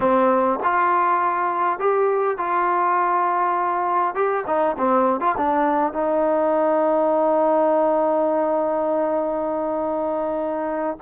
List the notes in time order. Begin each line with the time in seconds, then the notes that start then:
0.00 C4
0.63 F4
1.79 G4
2.37 F4
4.14 G4
4.46 D#4
4.78 C4
5.20 F4
5.37 D4
5.92 D#4